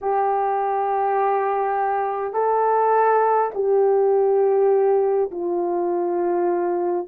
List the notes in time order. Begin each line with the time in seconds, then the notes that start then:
0.01 G4
2.33 A4
3.54 G4
5.30 F4